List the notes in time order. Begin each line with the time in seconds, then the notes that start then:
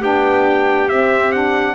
0.00 B3 D4 G4 G5
0.89 C4 E5
1.33 D4 F#5